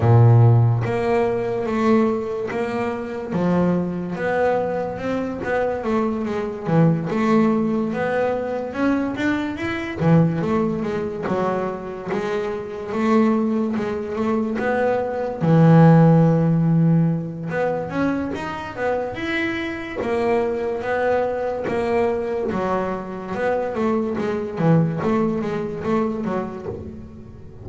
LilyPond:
\new Staff \with { instrumentName = "double bass" } { \time 4/4 \tempo 4 = 72 ais,4 ais4 a4 ais4 | f4 b4 c'8 b8 a8 gis8 | e8 a4 b4 cis'8 d'8 e'8 | e8 a8 gis8 fis4 gis4 a8~ |
a8 gis8 a8 b4 e4.~ | e4 b8 cis'8 dis'8 b8 e'4 | ais4 b4 ais4 fis4 | b8 a8 gis8 e8 a8 gis8 a8 fis8 | }